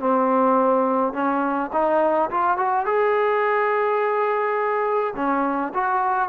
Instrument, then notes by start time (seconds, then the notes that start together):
trombone
0.00 C4
1.14 C#4
1.73 D#4
2.31 F4
2.58 F#4
2.86 G#4
5.16 C#4
5.75 F#4